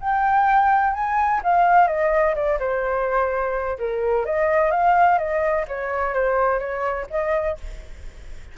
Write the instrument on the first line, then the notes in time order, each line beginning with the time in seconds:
flute
0.00 G5
0.93 G#5
1.43 F5
1.87 D#5
2.35 D5
2.59 C5
3.78 A#4
4.25 D#5
4.71 F5
5.18 D#5
5.68 C#5
6.14 C5
6.59 C#5
7.10 D#5